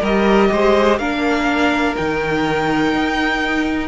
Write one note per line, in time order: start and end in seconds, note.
0.00 0.50 G3
0.00 1.00 G4
0.00 0.48 A#4
0.00 0.98 D#5
0.51 0.98 G#3
0.51 0.99 C5
0.98 1.95 A#3
0.98 1.96 D4
0.98 3.88 A#4
0.98 1.95 F5
1.96 2.92 D#3
1.96 3.88 D#4
1.96 3.88 G5
2.92 3.88 D#4